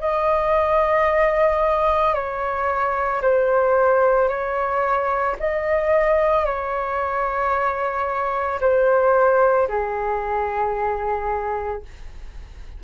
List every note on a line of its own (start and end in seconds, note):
0.00 2.14 D#5
2.14 3.21 C#5
3.21 4.28 C5
4.28 5.35 C#5
5.39 6.45 D#5
6.45 8.59 C#5
8.60 9.67 C5
9.68 11.82 G#4